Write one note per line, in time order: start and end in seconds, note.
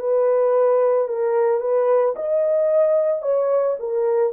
0.00 1.08 B4
1.08 1.60 A#4
1.60 2.14 B4
2.15 3.22 D#5
3.22 3.76 C#5
3.79 4.33 A#4